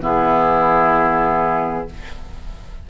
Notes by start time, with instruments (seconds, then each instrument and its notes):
0.00 bassoon E3, clarinet B3, oboe E4, flute G#4